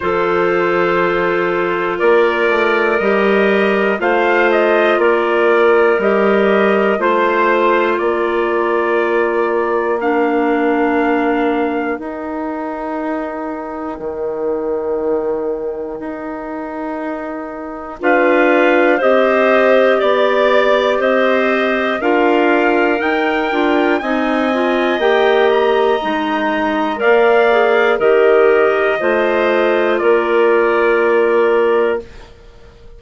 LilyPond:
<<
  \new Staff \with { instrumentName = "trumpet" } { \time 4/4 \tempo 4 = 60 c''2 d''4 dis''4 | f''8 dis''8 d''4 dis''4 c''4 | d''2 f''2 | g''1~ |
g''2 f''4 dis''4 | d''4 dis''4 f''4 g''4 | gis''4 g''8 ais''4. f''4 | dis''2 d''2 | }
  \new Staff \with { instrumentName = "clarinet" } { \time 4/4 a'2 ais'2 | c''4 ais'2 c''4 | ais'1~ | ais'1~ |
ais'2 b'4 c''4 | d''4 c''4 ais'2 | dis''2. d''4 | ais'4 c''4 ais'2 | }
  \new Staff \with { instrumentName = "clarinet" } { \time 4/4 f'2. g'4 | f'2 g'4 f'4~ | f'2 d'2 | dis'1~ |
dis'2 f'4 g'4~ | g'2 f'4 dis'8 f'8 | dis'8 f'8 g'4 dis'4 ais'8 gis'8 | g'4 f'2. | }
  \new Staff \with { instrumentName = "bassoon" } { \time 4/4 f2 ais8 a8 g4 | a4 ais4 g4 a4 | ais1 | dis'2 dis2 |
dis'2 d'4 c'4 | b4 c'4 d'4 dis'8 d'8 | c'4 ais4 gis4 ais4 | dis4 a4 ais2 | }
>>